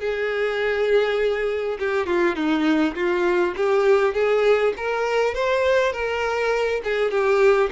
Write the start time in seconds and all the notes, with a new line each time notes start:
0.00 G#4
1.80 G4
2.07 F4
2.36 D#4
2.95 F4
3.57 G4
4.14 G#4
4.77 A#4
5.35 C5
5.93 A#4
6.84 G#4
7.11 G4